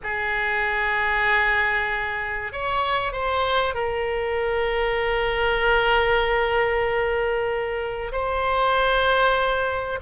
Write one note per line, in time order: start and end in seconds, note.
0.03 2.52 G#4
2.52 3.12 C#5
3.12 3.74 C5
3.74 8.11 A#4
8.11 9.99 C5